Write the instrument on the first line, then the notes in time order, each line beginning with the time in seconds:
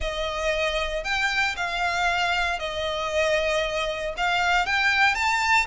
violin
0.00 D#5
1.04 G5
1.56 F5
2.59 D#5
4.17 F5
4.66 G5
5.14 A5